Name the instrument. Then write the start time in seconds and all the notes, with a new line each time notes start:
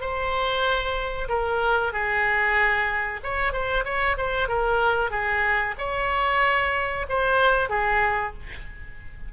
oboe
0.00 C5
1.28 A#4
1.92 G#4
3.23 C#5
3.52 C5
3.84 C#5
4.17 C5
4.48 A#4
5.10 G#4
5.78 C#5
7.09 C5
7.69 G#4